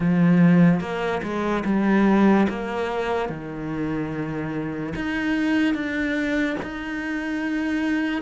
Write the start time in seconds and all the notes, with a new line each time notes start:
0.00 F3
0.80 A#3
1.22 G#3
1.64 G3
2.49 A#3
3.29 D#3
4.95 D#4
5.74 D4
6.62 D#4